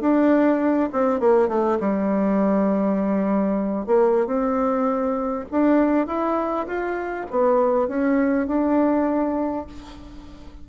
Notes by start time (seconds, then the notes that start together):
0.00 D4
0.92 C4
1.20 A#3
1.48 A3
1.80 G3
3.86 A#3
4.26 C4
5.51 D4
6.07 E4
6.66 F4
7.30 B3
7.88 C#4
8.47 D4